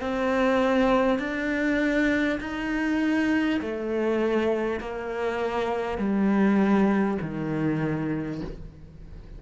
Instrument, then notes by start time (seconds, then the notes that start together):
cello
0.00 C4
1.18 D4
2.40 D#4
3.61 A3
4.79 A#3
5.98 G3
7.21 D#3